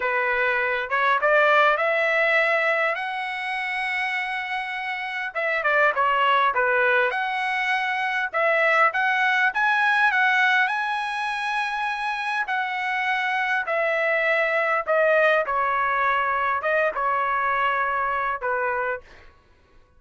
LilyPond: \new Staff \with { instrumentName = "trumpet" } { \time 4/4 \tempo 4 = 101 b'4. cis''8 d''4 e''4~ | e''4 fis''2.~ | fis''4 e''8 d''8 cis''4 b'4 | fis''2 e''4 fis''4 |
gis''4 fis''4 gis''2~ | gis''4 fis''2 e''4~ | e''4 dis''4 cis''2 | dis''8 cis''2~ cis''8 b'4 | }